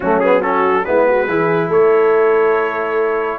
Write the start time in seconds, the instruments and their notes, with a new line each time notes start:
0.00 tuba F#3, trombone A3, horn C#4, trumpet F#4
0.19 trombone B3, trumpet G#4
0.41 trombone C#4, horn F#4, trumpet A4
0.84 tuba G#3, trombone B3, horn E4, trumpet B4
1.08 horn F#4
1.28 tuba E3, trombone E4, horn G#4
1.68 tuba A3, horn A4, trumpet C#5